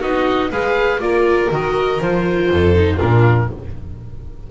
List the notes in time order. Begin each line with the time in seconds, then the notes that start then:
0.00 B3 D#4 F#4 D#5
0.50 G#3 G#4 B4 F5
0.99 A#3 F4 A#4 D5
1.50 D#3 F#4 D#5
2.00 F3 F4 C5
2.50 F2 A4
2.74 D#4
2.96 A#2 D4 F4 A#4